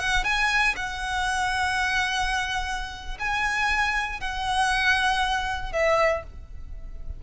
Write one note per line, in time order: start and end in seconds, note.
0.00 0.24 F#5
0.24 0.75 G#5
0.76 3.18 F#5
3.19 4.21 G#5
4.21 5.72 F#5
5.72 6.23 E5